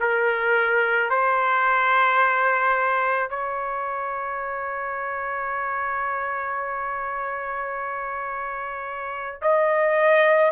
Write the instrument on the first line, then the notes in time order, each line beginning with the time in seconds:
trumpet
0.00 A#4
1.10 C5
3.30 C#5
9.41 D#5